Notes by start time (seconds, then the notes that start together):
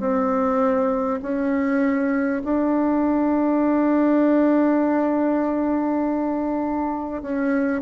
0.00 C4
1.23 C#4
2.44 D4
7.23 C#4